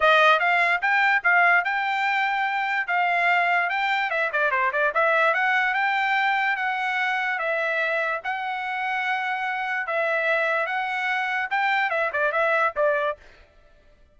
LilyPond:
\new Staff \with { instrumentName = "trumpet" } { \time 4/4 \tempo 4 = 146 dis''4 f''4 g''4 f''4 | g''2. f''4~ | f''4 g''4 e''8 d''8 c''8 d''8 | e''4 fis''4 g''2 |
fis''2 e''2 | fis''1 | e''2 fis''2 | g''4 e''8 d''8 e''4 d''4 | }